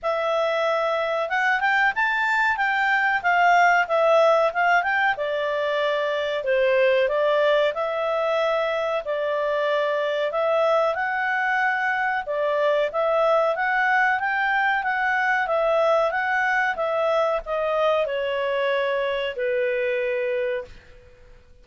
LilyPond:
\new Staff \with { instrumentName = "clarinet" } { \time 4/4 \tempo 4 = 93 e''2 fis''8 g''8 a''4 | g''4 f''4 e''4 f''8 g''8 | d''2 c''4 d''4 | e''2 d''2 |
e''4 fis''2 d''4 | e''4 fis''4 g''4 fis''4 | e''4 fis''4 e''4 dis''4 | cis''2 b'2 | }